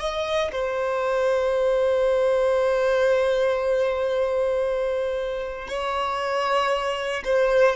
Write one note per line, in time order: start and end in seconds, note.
0.00 0.52 D#5
0.52 5.68 C5
5.68 7.24 C#5
7.25 7.76 C5